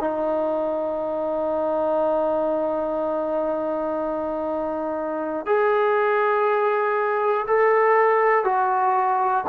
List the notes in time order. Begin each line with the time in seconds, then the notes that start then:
0.00 D#4
5.46 G#4
7.47 A4
8.44 F#4